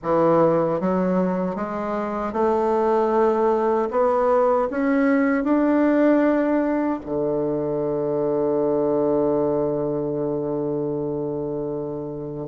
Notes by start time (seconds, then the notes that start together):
0.02 E3
0.80 F#3
1.55 G#3
2.32 A3
3.90 B3
4.70 C#4
5.44 D4
7.05 D3